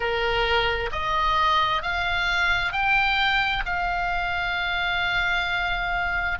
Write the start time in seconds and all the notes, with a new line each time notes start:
0.00 A#4
0.92 D#5
1.82 F5
2.72 G5
3.65 F5